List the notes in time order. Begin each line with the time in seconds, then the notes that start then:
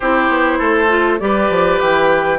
0.00 C4 E4 G4 C5
0.28 B3
0.58 A3 A4
0.88 F4
1.19 G3 G4 B4 D5
1.49 F3
1.79 E3 G5